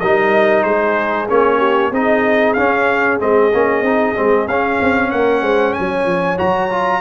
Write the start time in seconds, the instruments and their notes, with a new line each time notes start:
0.00 tuba G3, trombone D#4, horn A#4, trumpet D#5
0.63 tuba G#3, horn G#4, trumpet C5
1.28 tuba A#3, trombone C#4, trumpet C#5
1.58 horn G4
1.91 tuba C4, trombone D#4, horn G#4, trumpet D#5
2.54 tuba C#4, trombone C#4, trumpet F5
3.20 tuba G#3, trombone C4, trumpet D#5
3.53 tuba A#3, trombone C#4
3.82 tuba C4, trombone D#4
4.15 tuba G#3, trombone C4
4.48 tuba C#4, trombone C#4, trumpet F5
4.81 tuba C4
5.11 tuba A#3, horn A#4, trumpet F#5
5.42 tuba G#3, horn C5
5.73 horn C#5, trumpet G#5
5.80 tuba F#3
6.05 tuba F3
6.37 tuba F#3, trombone F#4, trumpet A#5
6.70 trombone F4